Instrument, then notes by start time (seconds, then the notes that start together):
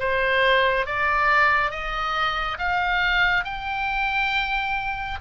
oboe
0.00 C5
0.86 D5
1.71 D#5
2.59 F5
3.45 G5